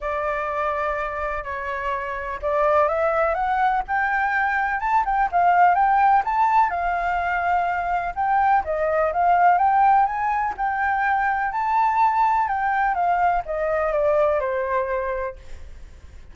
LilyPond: \new Staff \with { instrumentName = "flute" } { \time 4/4 \tempo 4 = 125 d''2. cis''4~ | cis''4 d''4 e''4 fis''4 | g''2 a''8 g''8 f''4 | g''4 a''4 f''2~ |
f''4 g''4 dis''4 f''4 | g''4 gis''4 g''2 | a''2 g''4 f''4 | dis''4 d''4 c''2 | }